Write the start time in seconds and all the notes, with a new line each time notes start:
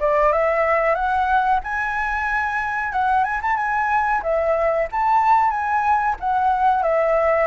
0.00 D5
0.33 E5
0.95 F#5
1.64 G#5
2.92 F#5
3.24 G#5
3.42 A5
3.56 G#5
4.23 E5
4.92 A5
5.50 G#5
6.20 F#5
6.83 E5